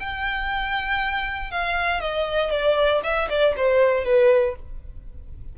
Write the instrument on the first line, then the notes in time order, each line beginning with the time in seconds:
violin
0.00 G5
1.51 F5
2.01 D#5
2.51 D5
3.03 E5
3.30 D5
3.57 C5
4.05 B4